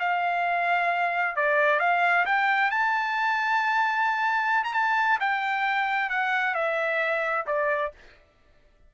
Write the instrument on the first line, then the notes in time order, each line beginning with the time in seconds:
trumpet
0.00 F5
1.37 D5
1.80 F5
2.26 G5
2.71 A5
4.64 A#5
4.74 A5
5.21 G5
6.10 F#5
6.55 E5
7.47 D5